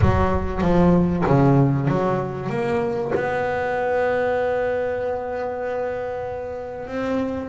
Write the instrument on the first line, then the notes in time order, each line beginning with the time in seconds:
double bass
0.01 F#3
0.61 F3
1.26 C#3
1.87 F#3
2.49 A#3
3.14 B3
6.87 C4